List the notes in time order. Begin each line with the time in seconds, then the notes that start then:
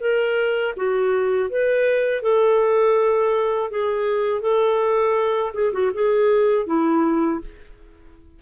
0.00 A#4
0.76 F#4
1.50 B4
2.23 A4
3.70 G#4
4.41 A4
5.54 G#4
5.73 F#4
5.94 G#4
6.66 E4